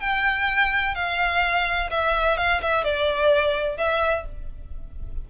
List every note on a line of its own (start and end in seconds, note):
0.00 0.95 G5
0.95 1.90 F5
1.90 2.37 E5
2.37 2.61 F5
2.62 2.84 E5
2.84 3.78 D5
3.78 4.25 E5